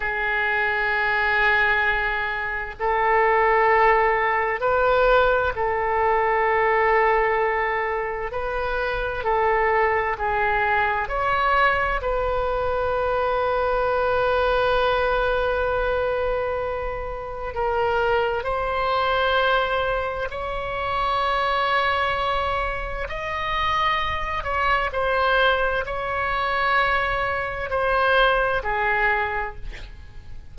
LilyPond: \new Staff \with { instrumentName = "oboe" } { \time 4/4 \tempo 4 = 65 gis'2. a'4~ | a'4 b'4 a'2~ | a'4 b'4 a'4 gis'4 | cis''4 b'2.~ |
b'2. ais'4 | c''2 cis''2~ | cis''4 dis''4. cis''8 c''4 | cis''2 c''4 gis'4 | }